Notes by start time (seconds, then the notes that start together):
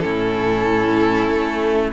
0.00 A2 C#4 E4 A4
1.30 A3